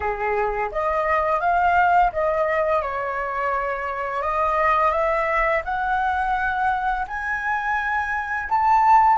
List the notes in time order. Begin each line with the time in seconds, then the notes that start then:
0.00 G#4
0.71 D#5
1.40 F5
2.12 D#5
2.81 C#5
4.22 D#5
4.91 E5
5.64 F#5
7.07 G#5
8.49 A5